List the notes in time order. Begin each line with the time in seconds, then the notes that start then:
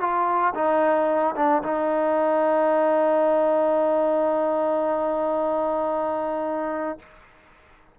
0.00 F4
0.54 D#4
1.35 D4
1.63 D#4